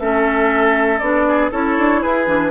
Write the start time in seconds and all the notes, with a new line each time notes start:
0.00 A3 C#4 A4 E5
1.00 B3 D4 D5
1.28 G#4
1.51 C#4 E4 A4 C#5
1.78 D4
2.02 E4 G#4 B4
2.26 E3 D4